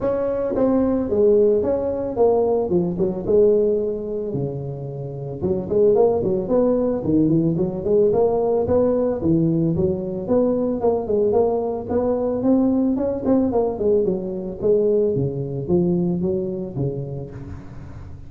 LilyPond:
\new Staff \with { instrumentName = "tuba" } { \time 4/4 \tempo 4 = 111 cis'4 c'4 gis4 cis'4 | ais4 f8 fis8 gis2 | cis2 fis8 gis8 ais8 fis8 | b4 dis8 e8 fis8 gis8 ais4 |
b4 e4 fis4 b4 | ais8 gis8 ais4 b4 c'4 | cis'8 c'8 ais8 gis8 fis4 gis4 | cis4 f4 fis4 cis4 | }